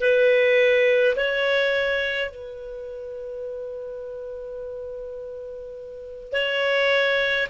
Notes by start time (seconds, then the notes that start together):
0.00 B4
1.16 C#5
2.30 B4
6.33 C#5